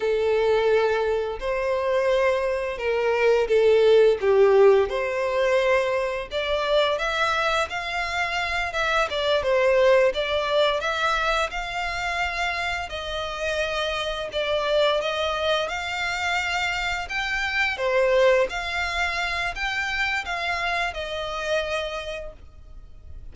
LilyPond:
\new Staff \with { instrumentName = "violin" } { \time 4/4 \tempo 4 = 86 a'2 c''2 | ais'4 a'4 g'4 c''4~ | c''4 d''4 e''4 f''4~ | f''8 e''8 d''8 c''4 d''4 e''8~ |
e''8 f''2 dis''4.~ | dis''8 d''4 dis''4 f''4.~ | f''8 g''4 c''4 f''4. | g''4 f''4 dis''2 | }